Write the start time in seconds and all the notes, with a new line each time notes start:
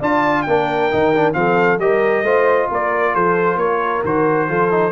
0.00 D4 F4 D5 A5
0.43 A#3 D4 A#4 G5
0.92 D#3 D#4
1.15 D4
1.34 F3 C4 A4 F5
1.79 G3 G4 A#4 D#5
2.23 A3 F4 C5
2.70 A#3 A#4 D5
3.14 F3 A4 C5
3.57 A#3 A#4 C#5
4.05 D#3 F#4 C5
4.49 F3 F4 A4
4.71 D#4